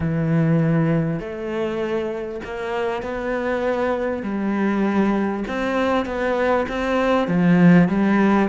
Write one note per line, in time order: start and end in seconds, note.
0.00 1.19 E3
1.19 2.40 A3
2.44 3.02 A#3
3.02 4.22 B3
4.22 5.44 G3
5.47 6.05 C4
6.05 6.66 B3
6.68 7.27 C4
7.27 7.88 F3
7.88 8.48 G3